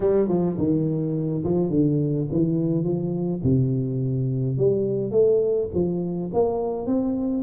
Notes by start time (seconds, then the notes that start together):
0.00 G3
0.28 F3
0.57 D#3
1.44 F3
1.70 D3
2.32 E3
2.84 F3
3.43 C3
4.57 G3
5.11 A3
5.74 F3
6.33 A#3
6.86 C4